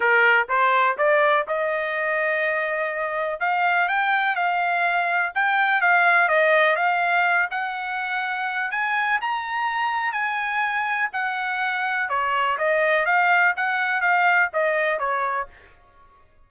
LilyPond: \new Staff \with { instrumentName = "trumpet" } { \time 4/4 \tempo 4 = 124 ais'4 c''4 d''4 dis''4~ | dis''2. f''4 | g''4 f''2 g''4 | f''4 dis''4 f''4. fis''8~ |
fis''2 gis''4 ais''4~ | ais''4 gis''2 fis''4~ | fis''4 cis''4 dis''4 f''4 | fis''4 f''4 dis''4 cis''4 | }